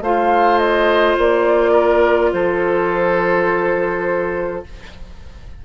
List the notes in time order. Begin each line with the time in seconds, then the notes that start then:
0.00 A3 F4 C5 F5
0.58 D#5
1.17 A#3 D5
1.71 A#4
2.33 F3 A4 C5